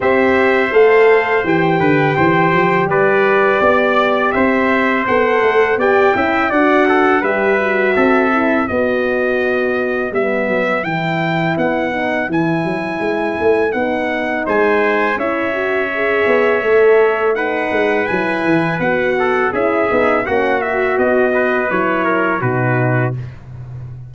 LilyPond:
<<
  \new Staff \with { instrumentName = "trumpet" } { \time 4/4 \tempo 4 = 83 e''4 f''4 g''2 | d''2 e''4 fis''4 | g''4 fis''4 e''2 | dis''2 e''4 g''4 |
fis''4 gis''2 fis''4 | gis''4 e''2. | fis''4 gis''4 fis''4 e''4 | fis''8 e''8 dis''4 cis''4 b'4 | }
  \new Staff \with { instrumentName = "trumpet" } { \time 4/4 c''2~ c''8 b'8 c''4 | b'4 d''4 c''2 | d''8 e''8 d''8 a'8 b'4 a'4 | b'1~ |
b'1 | c''4 cis''2. | b'2~ b'8 a'8 gis'4 | fis'4. b'4 ais'8 fis'4 | }
  \new Staff \with { instrumentName = "horn" } { \time 4/4 g'4 a'4 g'2~ | g'2. a'4 | g'8 e'8 fis'4 g'8 fis'4 e'8 | fis'2 b4 e'4~ |
e'8 dis'8 e'2 dis'4~ | dis'4 e'8 fis'8 gis'4 a'4 | dis'4 e'4 fis'4 e'8 dis'8 | cis'8 fis'4. e'4 dis'4 | }
  \new Staff \with { instrumentName = "tuba" } { \time 4/4 c'4 a4 e8 d8 e8 f8 | g4 b4 c'4 b8 a8 | b8 cis'8 d'4 g4 c'4 | b2 g8 fis8 e4 |
b4 e8 fis8 gis8 a8 b4 | gis4 cis'4. b8 a4~ | a8 gis8 fis8 e8 b4 cis'8 b8 | ais4 b4 fis4 b,4 | }
>>